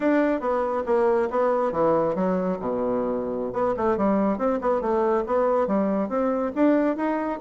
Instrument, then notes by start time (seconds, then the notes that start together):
bassoon
0.00 D4
0.40 B3
0.86 A#3
1.30 B3
1.72 E3
2.15 F#3
2.59 B2
3.52 B3
3.76 A3
3.97 G3
4.37 C4
4.61 B3
4.81 A3
5.26 B3
5.67 G3
6.08 C4
6.55 D4
6.96 D#4